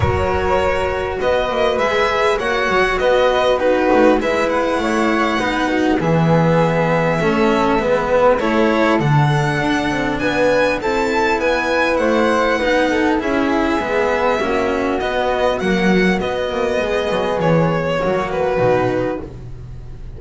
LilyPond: <<
  \new Staff \with { instrumentName = "violin" } { \time 4/4 \tempo 4 = 100 cis''2 dis''4 e''4 | fis''4 dis''4 b'4 e''8 fis''8~ | fis''2 e''2~ | e''2 cis''4 fis''4~ |
fis''4 gis''4 a''4 gis''4 | fis''2 e''2~ | e''4 dis''4 fis''4 dis''4~ | dis''4 cis''4. b'4. | }
  \new Staff \with { instrumentName = "flute" } { \time 4/4 ais'2 b'2 | cis''4 b'4 fis'4 b'4 | cis''4 b'8 fis'8 gis'2 | a'4 b'4 a'2~ |
a'4 b'4 a'4 b'4 | c''4 b'8 a'8 gis'2 | fis'1 | gis'2 fis'2 | }
  \new Staff \with { instrumentName = "cello" } { \time 4/4 fis'2. gis'4 | fis'2 dis'4 e'4~ | e'4 dis'4 b2 | cis'4 b4 e'4 d'4~ |
d'2 e'2~ | e'4 dis'4 e'4 b4 | cis'4 b4 fis4 b4~ | b2 ais4 dis'4 | }
  \new Staff \with { instrumentName = "double bass" } { \time 4/4 fis2 b8 ais8 gis4 | ais8 fis8 b4. a8 gis4 | a4 b4 e2 | a4 gis4 a4 d4 |
d'8 c'8 b4 c'4 b4 | a4 b4 cis'4 gis4 | ais4 b4 ais4 b8 ais8 | gis8 fis8 e4 fis4 b,4 | }
>>